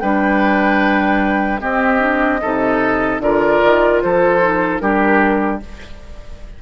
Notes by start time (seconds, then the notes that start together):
0.00 G3 D4 B4 G5
1.60 C4 G4 D#5
1.99 D4
2.42 C3 D#4 A4
3.20 D3 F4 A#4 D5
3.63 D#3
4.03 F3 A4 C5
4.41 D#4
4.79 G3 D4 G4 A#4